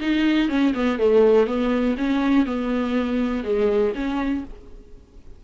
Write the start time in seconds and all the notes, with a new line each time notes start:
0.00 D#4
0.49 C#4
0.74 B3
0.99 A3
1.46 B3
1.97 C#4
2.46 B3
3.44 G#3
3.95 C#4